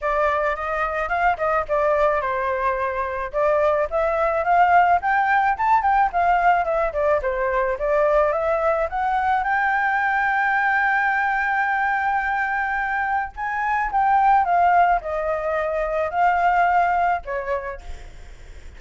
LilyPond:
\new Staff \with { instrumentName = "flute" } { \time 4/4 \tempo 4 = 108 d''4 dis''4 f''8 dis''8 d''4 | c''2 d''4 e''4 | f''4 g''4 a''8 g''8 f''4 | e''8 d''8 c''4 d''4 e''4 |
fis''4 g''2.~ | g''1 | gis''4 g''4 f''4 dis''4~ | dis''4 f''2 cis''4 | }